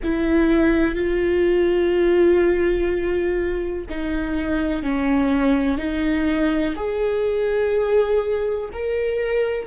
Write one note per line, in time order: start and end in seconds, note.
0.03 0.95 E4
0.95 3.85 F4
3.89 4.83 D#4
4.83 5.77 C#4
5.77 6.74 D#4
6.76 8.69 G#4
8.73 9.66 A#4